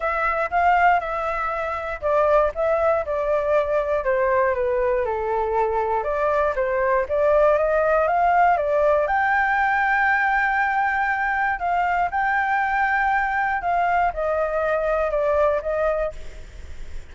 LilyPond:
\new Staff \with { instrumentName = "flute" } { \time 4/4 \tempo 4 = 119 e''4 f''4 e''2 | d''4 e''4 d''2 | c''4 b'4 a'2 | d''4 c''4 d''4 dis''4 |
f''4 d''4 g''2~ | g''2. f''4 | g''2. f''4 | dis''2 d''4 dis''4 | }